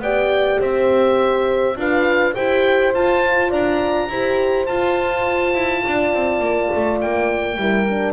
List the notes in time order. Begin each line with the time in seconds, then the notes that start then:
0.00 B3 G4 D5 G5
0.60 C4 C5 E5
1.77 D4 F4 B4 F5
2.35 E4 G4 C5 G5
2.94 F4 A5
3.50 D4 D5 A#5
4.09 E4 G4 C5
4.67 F4 A5
5.55 E4
5.86 D4 D5
6.14 C4
6.40 A#3
6.76 A3
7.01 A#3 G5
7.57 G3 E4 A#4
7.90 D4